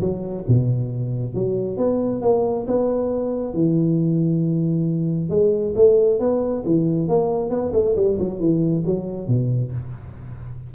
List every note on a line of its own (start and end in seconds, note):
0.00 0.44 F#3
0.48 1.34 B2
1.34 1.77 F#3
1.77 2.21 B3
2.21 2.66 A#3
2.67 3.53 B3
3.53 5.29 E3
5.29 5.74 G#3
5.75 6.19 A3
6.19 6.63 B3
6.65 7.08 E3
7.08 7.50 A#3
7.50 7.72 B3
7.73 7.95 A3
7.96 8.18 G3
8.19 8.39 F#3
8.39 8.83 E3
8.85 9.27 F#3
9.27 9.71 B2